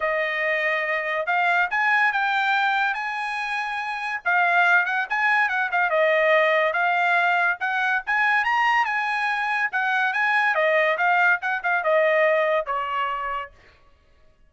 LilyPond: \new Staff \with { instrumentName = "trumpet" } { \time 4/4 \tempo 4 = 142 dis''2. f''4 | gis''4 g''2 gis''4~ | gis''2 f''4. fis''8 | gis''4 fis''8 f''8 dis''2 |
f''2 fis''4 gis''4 | ais''4 gis''2 fis''4 | gis''4 dis''4 f''4 fis''8 f''8 | dis''2 cis''2 | }